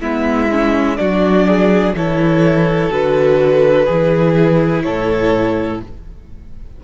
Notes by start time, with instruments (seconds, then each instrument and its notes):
0.00 cello G#3, viola B3, violin E4 E5
0.51 viola C#4
0.97 cello F#3, viola D4, violin F#4 D5
1.46 violin G#4
1.94 cello E3, viola E4, violin A4 C#5
2.90 cello D3, viola F#4, violin B4
3.85 cello E3, viola E4, violin G#4
4.82 cello A2, violin A4 C#5